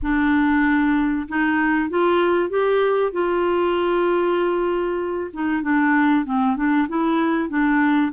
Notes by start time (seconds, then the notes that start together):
0.02 D4
1.28 D#4
1.89 F4
2.49 G4
3.12 F4
5.33 D#4
5.62 D4
6.25 C4
6.56 D4
6.88 E4
7.49 D4